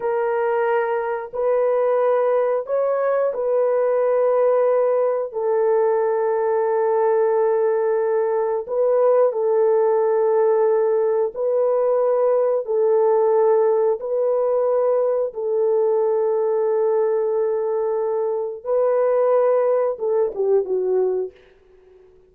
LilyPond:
\new Staff \with { instrumentName = "horn" } { \time 4/4 \tempo 4 = 90 ais'2 b'2 | cis''4 b'2. | a'1~ | a'4 b'4 a'2~ |
a'4 b'2 a'4~ | a'4 b'2 a'4~ | a'1 | b'2 a'8 g'8 fis'4 | }